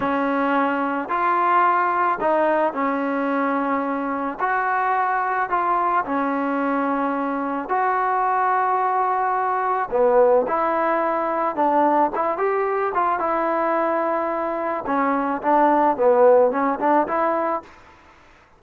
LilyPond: \new Staff \with { instrumentName = "trombone" } { \time 4/4 \tempo 4 = 109 cis'2 f'2 | dis'4 cis'2. | fis'2 f'4 cis'4~ | cis'2 fis'2~ |
fis'2 b4 e'4~ | e'4 d'4 e'8 g'4 f'8 | e'2. cis'4 | d'4 b4 cis'8 d'8 e'4 | }